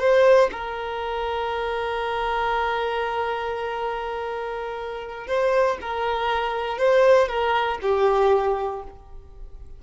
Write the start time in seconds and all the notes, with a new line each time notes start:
0.00 C5
0.52 A#4
5.28 C5
5.82 A#4
6.79 C5
7.29 A#4
7.82 G4